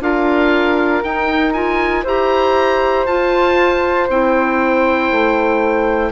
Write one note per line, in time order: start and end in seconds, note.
0.00 1.02 D4
0.00 1.02 F4
0.00 2.03 A#4
0.00 1.03 F5
1.03 2.04 D#4
1.03 1.53 D#4
1.03 1.53 G5
1.53 2.04 F4
1.53 2.04 G#5
2.03 3.06 E4
2.03 3.07 G4
2.03 6.09 C5
2.03 3.06 A#5
3.06 4.08 F4
3.06 4.07 A5
4.08 5.10 C4
4.08 6.11 E4
4.08 6.11 G5
5.11 6.11 A3